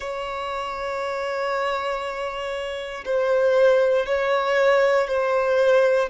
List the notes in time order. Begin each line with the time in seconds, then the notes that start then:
0.00 C#5
3.05 C5
4.05 C#5
5.07 C5